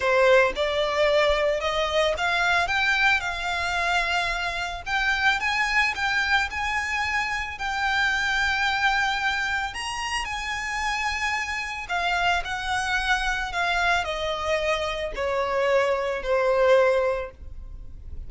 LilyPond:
\new Staff \with { instrumentName = "violin" } { \time 4/4 \tempo 4 = 111 c''4 d''2 dis''4 | f''4 g''4 f''2~ | f''4 g''4 gis''4 g''4 | gis''2 g''2~ |
g''2 ais''4 gis''4~ | gis''2 f''4 fis''4~ | fis''4 f''4 dis''2 | cis''2 c''2 | }